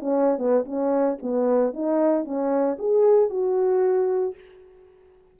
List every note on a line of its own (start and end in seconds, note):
0.00 0.39 C#4
0.39 0.65 B3
0.65 1.18 C#4
1.22 1.74 B3
1.74 2.25 D#4
2.25 2.78 C#4
2.79 3.30 G#4
3.30 4.35 F#4